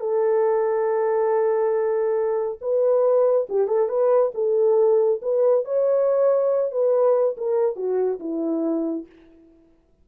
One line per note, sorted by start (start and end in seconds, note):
0.00 2.59 A4
2.61 3.47 B4
3.49 3.67 G4
3.67 3.89 A4
3.89 4.32 B4
4.34 5.21 A4
5.22 5.65 B4
5.65 6.71 C#5
6.71 7.36 B4
7.37 7.76 A#4
7.76 8.19 F#4
8.20 9.06 E4